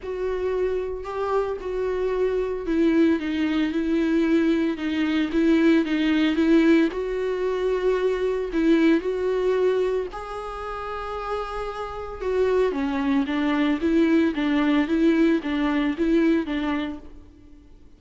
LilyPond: \new Staff \with { instrumentName = "viola" } { \time 4/4 \tempo 4 = 113 fis'2 g'4 fis'4~ | fis'4 e'4 dis'4 e'4~ | e'4 dis'4 e'4 dis'4 | e'4 fis'2. |
e'4 fis'2 gis'4~ | gis'2. fis'4 | cis'4 d'4 e'4 d'4 | e'4 d'4 e'4 d'4 | }